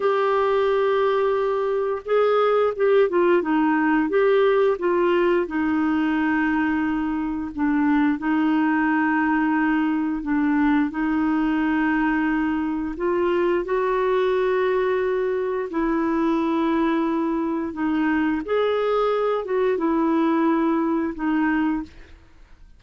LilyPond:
\new Staff \with { instrumentName = "clarinet" } { \time 4/4 \tempo 4 = 88 g'2. gis'4 | g'8 f'8 dis'4 g'4 f'4 | dis'2. d'4 | dis'2. d'4 |
dis'2. f'4 | fis'2. e'4~ | e'2 dis'4 gis'4~ | gis'8 fis'8 e'2 dis'4 | }